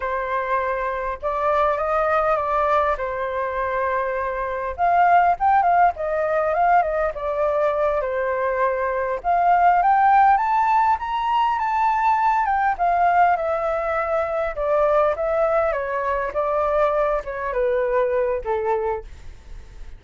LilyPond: \new Staff \with { instrumentName = "flute" } { \time 4/4 \tempo 4 = 101 c''2 d''4 dis''4 | d''4 c''2. | f''4 g''8 f''8 dis''4 f''8 dis''8 | d''4. c''2 f''8~ |
f''8 g''4 a''4 ais''4 a''8~ | a''4 g''8 f''4 e''4.~ | e''8 d''4 e''4 cis''4 d''8~ | d''4 cis''8 b'4. a'4 | }